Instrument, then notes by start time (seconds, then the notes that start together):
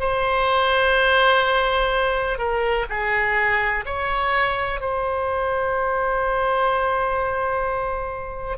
oboe
0.00 C5
2.38 A#4
2.89 G#4
3.86 C#5
4.81 C5